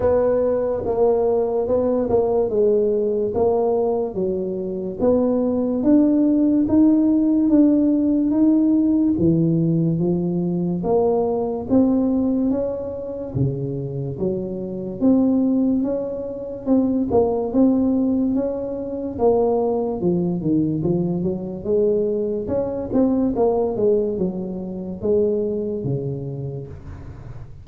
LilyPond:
\new Staff \with { instrumentName = "tuba" } { \time 4/4 \tempo 4 = 72 b4 ais4 b8 ais8 gis4 | ais4 fis4 b4 d'4 | dis'4 d'4 dis'4 e4 | f4 ais4 c'4 cis'4 |
cis4 fis4 c'4 cis'4 | c'8 ais8 c'4 cis'4 ais4 | f8 dis8 f8 fis8 gis4 cis'8 c'8 | ais8 gis8 fis4 gis4 cis4 | }